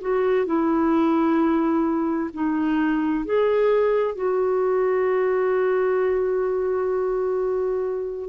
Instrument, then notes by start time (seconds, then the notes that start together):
clarinet
0.00 F#4
0.45 E4
2.33 D#4
3.24 G#4
4.15 F#4